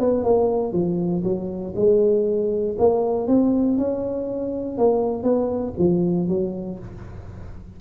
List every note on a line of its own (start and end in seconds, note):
0.00 0.24 B3
0.24 0.73 A#3
0.73 1.23 F3
1.23 1.74 F#3
1.76 2.76 G#3
2.79 3.28 A#3
3.28 3.78 C4
3.78 4.78 C#4
4.78 5.23 A#3
5.23 5.73 B3
5.78 6.28 F3
6.28 6.78 F#3